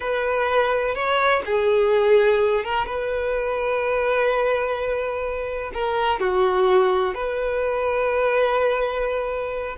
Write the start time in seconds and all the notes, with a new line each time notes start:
0.00 B4
0.94 C#5
1.45 G#4
2.64 A#4
2.85 B4
5.73 A#4
6.20 F#4
7.14 B4